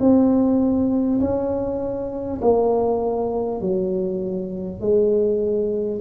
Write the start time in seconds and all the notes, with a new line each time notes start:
0.00 C4
1.20 C#4
2.41 A#3
3.60 F#3
4.80 G#3